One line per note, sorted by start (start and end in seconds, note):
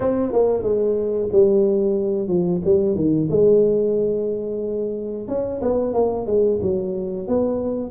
0.00 0.32 C4
0.32 0.63 A#3
0.63 1.29 G#3
1.32 2.28 G3
2.28 2.61 F3
2.64 2.95 G3
2.95 3.28 D#3
3.30 5.27 G#3
5.27 5.60 C#4
5.61 5.93 B3
5.93 6.26 A#3
6.26 6.59 G#3
6.61 7.27 F#3
7.27 7.90 B3